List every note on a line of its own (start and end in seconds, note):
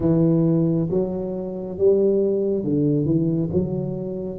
0.00 0.88 E3
0.90 1.78 F#3
1.78 2.64 G3
2.64 3.05 D3
3.05 3.49 E3
3.52 4.39 F#3